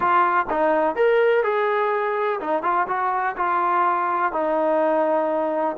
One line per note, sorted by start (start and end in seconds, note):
0.00 0.46 F4
0.50 0.95 D#4
0.95 1.43 A#4
1.43 2.39 G#4
2.40 2.62 D#4
2.62 2.86 F4
2.87 3.35 F#4
3.36 4.32 F4
4.32 5.76 D#4